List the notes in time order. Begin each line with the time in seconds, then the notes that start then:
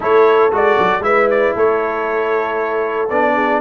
0.00 A3 E4 A4 C#5
0.51 G#3 F#4 D5
0.78 F#3
0.99 G#3 E4 B4 E5
1.30 D5
1.55 A3 A4 C#5
3.09 B3 D4 D5
3.35 G#4